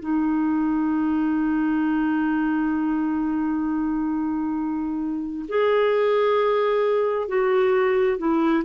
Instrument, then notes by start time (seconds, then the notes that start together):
clarinet
0.00 D#4
5.48 G#4
7.28 F#4
8.18 E4